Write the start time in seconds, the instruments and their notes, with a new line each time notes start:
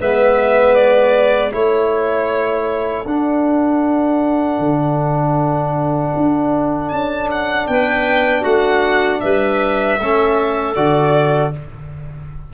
0.00 tuba G#3, trombone B3, clarinet B4, violin E5
0.75 violin D5
1.52 tuba A3, trombone E4, clarinet A4, violin C#5
3.06 tuba D4, trombone D4, violin F#5
4.59 tuba D3
6.17 tuba D4
6.90 tuba C#4, violin A5
7.32 violin F#5
7.67 tuba B3, clarinet B4, violin G5
8.42 tuba A3, clarinet F#4, violin F#5
9.21 tuba G3, clarinet B4, violin E5
10.00 tuba A3, trombone C#4, clarinet A4
10.75 tuba D3, trombone F#4, violin D5